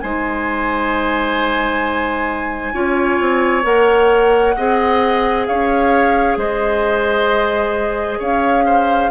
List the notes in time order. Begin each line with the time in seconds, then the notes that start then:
0.00 G#3 D#4 C5 G#5
2.73 C#4 F4 C#5
3.20 C4
3.63 A#3 A#4 F#5
4.56 C4 G#4 D#5
5.46 C#4 C#5 F5
6.37 G#3 C5 D#5
8.19 C#4 C#5 F5
8.66 C5